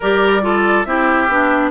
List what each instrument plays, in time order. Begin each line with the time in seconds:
0.00 bassoon G3, clarinet G4, oboe A#4, flute D5
0.42 clarinet F4, oboe A4
0.84 bassoon C4, clarinet E4, oboe G4, flute E5
1.28 bassoon B3, clarinet D4